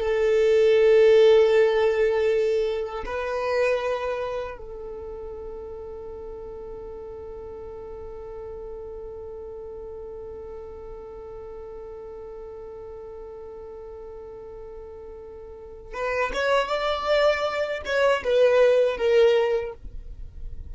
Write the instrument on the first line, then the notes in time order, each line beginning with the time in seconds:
violin
0.00 A4
3.06 B4
4.57 A4
15.93 B4
16.34 C#5
16.68 D5
17.85 C#5
18.24 B4
18.97 A#4